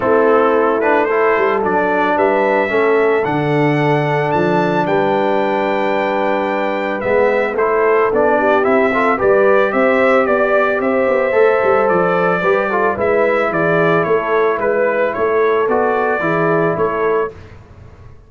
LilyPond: <<
  \new Staff \with { instrumentName = "trumpet" } { \time 4/4 \tempo 4 = 111 a'4. b'8 c''4 d''4 | e''2 fis''2 | a''4 g''2.~ | g''4 e''4 c''4 d''4 |
e''4 d''4 e''4 d''4 | e''2 d''2 | e''4 d''4 cis''4 b'4 | cis''4 d''2 cis''4 | }
  \new Staff \with { instrumentName = "horn" } { \time 4/4 e'2 a'2 | b'4 a'2.~ | a'4 b'2.~ | b'2 a'4. g'8~ |
g'8 a'8 b'4 c''4 d''4 | c''2. b'8 a'8 | b'4 gis'4 a'4 b'4 | a'2 gis'4 a'4 | }
  \new Staff \with { instrumentName = "trombone" } { \time 4/4 c'4. d'8 e'4 d'4~ | d'4 cis'4 d'2~ | d'1~ | d'4 b4 e'4 d'4 |
e'8 f'8 g'2.~ | g'4 a'2 g'8 f'8 | e'1~ | e'4 fis'4 e'2 | }
  \new Staff \with { instrumentName = "tuba" } { \time 4/4 a2~ a8 g8 fis4 | g4 a4 d2 | f4 g2.~ | g4 gis4 a4 b4 |
c'4 g4 c'4 b4 | c'8 b8 a8 g8 f4 g4 | gis4 e4 a4 gis4 | a4 b4 e4 a4 | }
>>